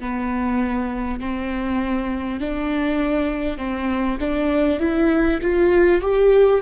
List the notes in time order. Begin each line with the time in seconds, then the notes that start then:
0.00 B3
1.21 C4
2.41 D4
3.58 C4
4.21 D4
4.80 E4
5.42 F4
6.01 G4